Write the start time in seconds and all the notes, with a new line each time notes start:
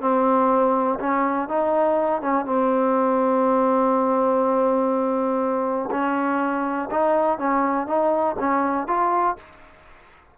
0.00 C4
0.99 C#4
1.48 D#4
2.21 C#4
2.45 C4
5.91 C#4
6.91 D#4
7.38 C#4
7.86 D#4
8.39 C#4
8.87 F4